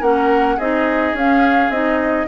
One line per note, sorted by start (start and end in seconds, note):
0.00 0.58 A#3
0.00 0.59 C#4
0.00 0.57 A#4
0.00 0.59 F#5
0.57 1.13 C4
0.57 1.17 D#4
0.57 2.27 G#4
0.57 1.16 D#5
1.13 1.70 C#4
1.13 1.73 C#4
1.13 1.71 F5
1.70 2.26 C4
1.70 2.28 D#4
1.70 2.28 D#5